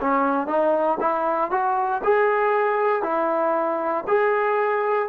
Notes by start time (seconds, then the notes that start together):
0.00 C#4
0.47 D#4
1.00 E4
1.51 F#4
2.03 G#4
3.02 E4
4.07 G#4